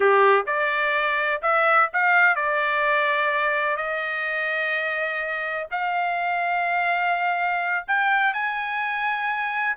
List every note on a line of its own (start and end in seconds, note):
0.00 0.45 G4
0.46 1.41 D5
1.42 1.89 E5
1.93 2.35 F5
2.35 3.76 D5
3.76 5.67 D#5
5.71 7.85 F5
7.87 8.33 G5
8.33 9.76 G#5